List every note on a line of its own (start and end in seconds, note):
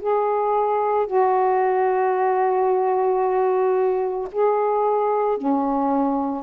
0.00 1.07 G#4
1.07 4.28 F#4
4.31 5.37 G#4
5.37 6.43 C#4